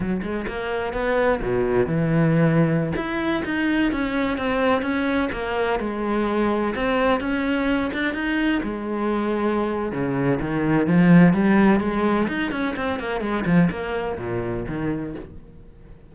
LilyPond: \new Staff \with { instrumentName = "cello" } { \time 4/4 \tempo 4 = 127 fis8 gis8 ais4 b4 b,4 | e2~ e16 e'4 dis'8.~ | dis'16 cis'4 c'4 cis'4 ais8.~ | ais16 gis2 c'4 cis'8.~ |
cis'8. d'8 dis'4 gis4.~ gis16~ | gis4 cis4 dis4 f4 | g4 gis4 dis'8 cis'8 c'8 ais8 | gis8 f8 ais4 ais,4 dis4 | }